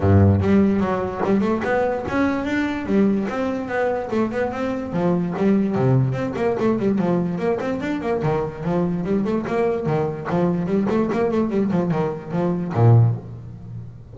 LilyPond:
\new Staff \with { instrumentName = "double bass" } { \time 4/4 \tempo 4 = 146 g,4 g4 fis4 g8 a8 | b4 cis'4 d'4 g4 | c'4 b4 a8 b8 c'4 | f4 g4 c4 c'8 ais8 |
a8 g8 f4 ais8 c'8 d'8 ais8 | dis4 f4 g8 a8 ais4 | dis4 f4 g8 a8 ais8 a8 | g8 f8 dis4 f4 ais,4 | }